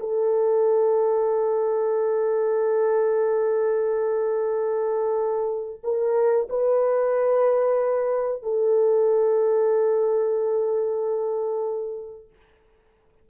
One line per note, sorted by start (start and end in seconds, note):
0.00 5.81 A4
5.83 6.48 A#4
6.49 8.43 B4
8.43 12.30 A4